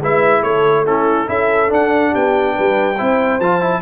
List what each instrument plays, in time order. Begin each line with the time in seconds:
0.00 tuba G#3, trombone E4, horn B4, trumpet E5
0.40 tuba A3, horn A4, trumpet C#5
0.86 trombone C#4, horn E4, trumpet A4
1.26 tuba C#4, trombone E4, horn A4, trumpet E5
1.68 trombone D4, tuba D4, trumpet F#5
2.11 tuba B3, horn G4, trumpet G5
2.53 tuba G3, horn B4
2.95 tuba C4, trombone E4, horn C5
3.39 tuba F3, trombone F4, trumpet A5
3.60 trombone E4